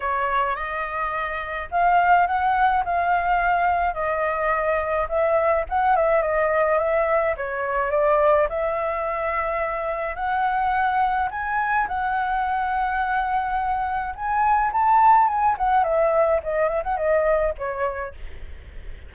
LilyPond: \new Staff \with { instrumentName = "flute" } { \time 4/4 \tempo 4 = 106 cis''4 dis''2 f''4 | fis''4 f''2 dis''4~ | dis''4 e''4 fis''8 e''8 dis''4 | e''4 cis''4 d''4 e''4~ |
e''2 fis''2 | gis''4 fis''2.~ | fis''4 gis''4 a''4 gis''8 fis''8 | e''4 dis''8 e''16 fis''16 dis''4 cis''4 | }